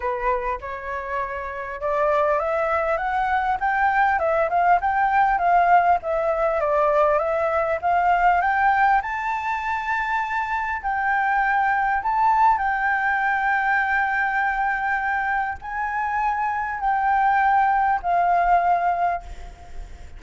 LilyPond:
\new Staff \with { instrumentName = "flute" } { \time 4/4 \tempo 4 = 100 b'4 cis''2 d''4 | e''4 fis''4 g''4 e''8 f''8 | g''4 f''4 e''4 d''4 | e''4 f''4 g''4 a''4~ |
a''2 g''2 | a''4 g''2.~ | g''2 gis''2 | g''2 f''2 | }